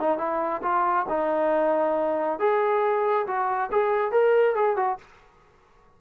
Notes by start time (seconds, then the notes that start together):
0.00 D#4
0.18 E4
0.63 F4
1.09 D#4
2.40 G#4
3.27 F#4
3.72 G#4
4.12 A#4
4.56 G#4
4.77 F#4